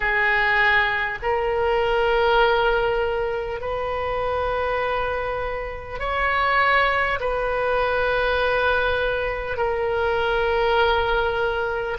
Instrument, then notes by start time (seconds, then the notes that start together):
oboe
0.00 G#4
1.22 A#4
3.60 B4
5.99 C#5
7.20 B4
9.57 A#4